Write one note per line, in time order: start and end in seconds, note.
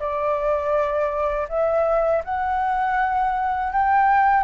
0.00 1.48 D5
1.49 2.23 E5
2.25 3.73 F#5
3.73 4.44 G5